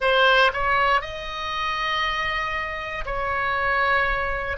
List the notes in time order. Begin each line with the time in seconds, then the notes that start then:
0.00 C5
0.53 C#5
1.01 D#5
3.05 C#5